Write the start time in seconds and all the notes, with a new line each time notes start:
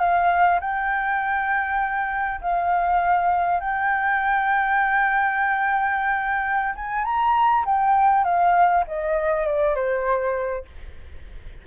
0.00 F5
0.61 G5
2.41 F5
3.61 G5
6.76 G#5
7.05 A#5
7.66 G5
8.24 F5
8.88 D#5
9.47 D5
9.76 C5